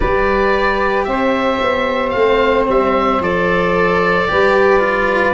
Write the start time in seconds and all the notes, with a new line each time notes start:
0.00 G3 G4 B4 D5
1.04 C4 C5 E5
1.61 B3
2.09 A3 F5
2.15 C4
2.68 G3 E5
3.19 F3 A4 D5
4.28 G3 G4 B4
4.79 F4